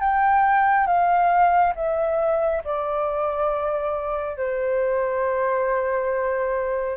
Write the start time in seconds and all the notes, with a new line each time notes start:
0.00 G5
0.87 F5
1.75 E5
2.64 D5
4.37 C5